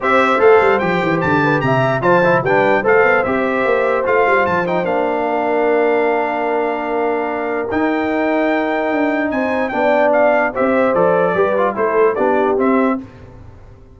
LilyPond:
<<
  \new Staff \with { instrumentName = "trumpet" } { \time 4/4 \tempo 4 = 148 e''4 f''4 g''4 a''4 | ais''4 a''4 g''4 f''4 | e''2 f''4 a''8 g''8 | f''1~ |
f''2. g''4~ | g''2. gis''4 | g''4 f''4 e''4 d''4~ | d''4 c''4 d''4 e''4 | }
  \new Staff \with { instrumentName = "horn" } { \time 4/4 c''2.~ c''8 b'8 | e''4 c''4 b'4 c''4~ | c''1~ | c''4 ais'2.~ |
ais'1~ | ais'2. c''4 | d''2 c''2 | b'4 a'4 g'2 | }
  \new Staff \with { instrumentName = "trombone" } { \time 4/4 g'4 a'4 g'2~ | g'4 f'8 e'8 d'4 a'4 | g'2 f'4. dis'8 | d'1~ |
d'2. dis'4~ | dis'1 | d'2 g'4 a'4 | g'8 f'8 e'4 d'4 c'4 | }
  \new Staff \with { instrumentName = "tuba" } { \time 4/4 c'4 a8 g8 f8 e8 d4 | c4 f4 g4 a8 b8 | c'4 ais4 a8 g8 f4 | ais1~ |
ais2. dis'4~ | dis'2 d'4 c'4 | b2 c'4 f4 | g4 a4 b4 c'4 | }
>>